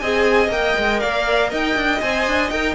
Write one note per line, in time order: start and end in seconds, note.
0.00 0.49 C4
0.00 0.51 G#4
0.00 1.01 D#5
0.00 0.50 G#5
0.49 0.74 A#3
0.49 2.01 A#4
0.49 1.01 G5
0.78 1.03 G#3
1.01 1.52 A#3
1.01 1.50 D5
1.01 1.51 F5
1.50 1.76 D#4
1.50 2.75 D#5
1.50 2.01 G5
1.76 2.01 D4
2.01 2.27 C4
2.01 2.51 C5
2.01 2.50 G#5
2.27 2.51 D4
2.50 2.75 D#4
2.50 2.75 A#4
2.50 2.75 G5